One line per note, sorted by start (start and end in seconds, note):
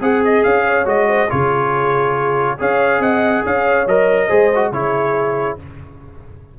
0.00 0.43 C4
0.00 0.64 G#4
0.00 0.85 G#4
0.00 0.23 F#5
0.25 0.43 D#5
0.43 0.85 C#4
0.43 0.86 F5
0.66 1.07 C#5
0.85 1.28 G#3
0.85 1.28 F#4
0.85 1.30 D#5
1.07 1.29 C5
1.29 2.61 C#3
1.29 2.58 F4
1.29 2.58 G#4
1.29 2.59 C#5
2.58 2.99 C#4
2.58 3.87 G#4
2.58 3.00 C#5
2.58 3.02 F5
2.99 3.42 C4
2.99 3.43 D#5
2.99 3.44 F#5
3.43 3.86 C#4
3.43 4.27 C#5
3.43 3.87 F5
3.86 4.29 F#3
3.86 4.29 A#4
3.86 4.73 D#5
4.27 4.71 G#3
4.27 4.51 G#4
4.27 4.70 C5
4.55 4.73 F#4
4.71 5.57 C#3
4.71 5.59 E4
4.71 5.58 G#4
4.71 5.58 C#5